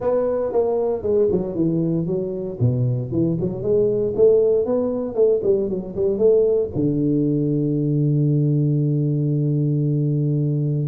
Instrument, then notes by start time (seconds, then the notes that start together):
tuba
0.00 B3
0.52 A#3
1.02 G#3
1.31 F#3
1.55 E3
2.06 F#3
2.60 B2
3.11 E3
3.40 F#3
3.62 G#3
4.15 A3
4.65 B3
5.15 A3
5.43 G3
5.69 F#3
5.95 G3
6.18 A3
6.75 D3